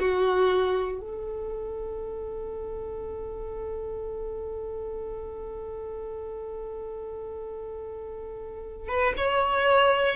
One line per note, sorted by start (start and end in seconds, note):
0.00 1.01 F#4
1.01 8.89 A4
8.89 9.14 B4
9.18 10.16 C#5